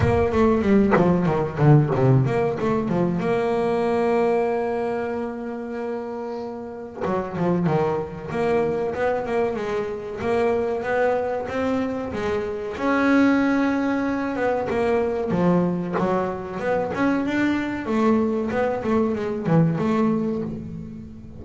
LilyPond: \new Staff \with { instrumentName = "double bass" } { \time 4/4 \tempo 4 = 94 ais8 a8 g8 f8 dis8 d8 c8 ais8 | a8 f8 ais2.~ | ais2. fis8 f8 | dis4 ais4 b8 ais8 gis4 |
ais4 b4 c'4 gis4 | cis'2~ cis'8 b8 ais4 | f4 fis4 b8 cis'8 d'4 | a4 b8 a8 gis8 e8 a4 | }